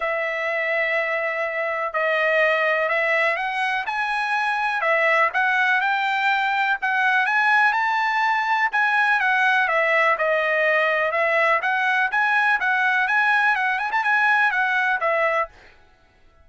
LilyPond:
\new Staff \with { instrumentName = "trumpet" } { \time 4/4 \tempo 4 = 124 e''1 | dis''2 e''4 fis''4 | gis''2 e''4 fis''4 | g''2 fis''4 gis''4 |
a''2 gis''4 fis''4 | e''4 dis''2 e''4 | fis''4 gis''4 fis''4 gis''4 | fis''8 gis''16 a''16 gis''4 fis''4 e''4 | }